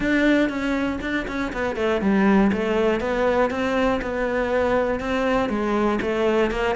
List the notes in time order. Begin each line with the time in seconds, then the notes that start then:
0.00 D4
0.49 C#4
1.01 D4
1.27 C#4
1.52 B3
1.76 A3
2.01 G3
2.52 A3
3.00 B3
3.50 C4
4.01 B3
5.00 C4
5.49 G#3
6.01 A3
6.50 A#3